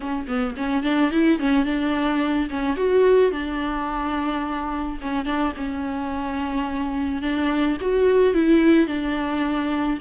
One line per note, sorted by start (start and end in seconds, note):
0.00 0.26 C#4
0.27 0.55 B3
0.57 0.83 C#4
0.83 1.11 D4
1.11 1.39 E4
1.39 1.65 C#4
1.65 2.48 D4
2.50 2.76 C#4
2.76 3.31 F#4
3.31 4.98 D4
5.01 5.25 C#4
5.25 5.53 D4
5.57 7.21 C#4
7.21 7.77 D4
7.81 8.34 F#4
8.34 8.87 E4
8.87 9.98 D4